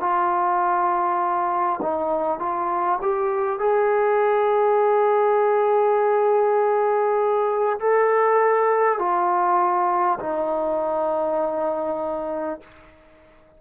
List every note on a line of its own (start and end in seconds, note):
0.00 1.80 F4
1.82 2.39 D#4
2.39 2.99 F4
3.01 3.59 G4
3.59 7.79 G#4
7.79 8.98 A4
8.98 10.18 F4
10.20 12.60 D#4